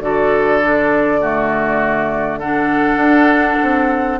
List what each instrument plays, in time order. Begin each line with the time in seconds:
0.00 bassoon D3, clarinet F#4, oboe A4, flute D5
0.61 clarinet D4
1.21 clarinet A3, oboe F#4
2.39 clarinet D4, oboe A4, flute F#5
2.96 bassoon D4
3.62 bassoon C4